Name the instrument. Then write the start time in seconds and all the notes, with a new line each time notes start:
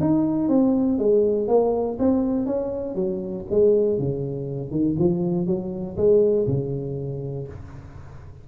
tuba
0.00 D#4
0.48 C4
0.99 G#3
1.48 A#3
1.99 C4
2.46 C#4
2.95 F#3
3.50 G#3
3.99 C#3
4.71 D#3
4.99 F3
5.46 F#3
5.97 G#3
6.47 C#3